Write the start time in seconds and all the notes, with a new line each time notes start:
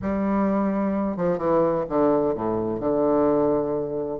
0.02 G3
1.17 F3
1.38 E3
1.89 D3
2.34 A2
2.80 D3